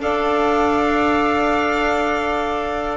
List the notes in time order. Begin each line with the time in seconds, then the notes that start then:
0.00 D4 A4 D5 F5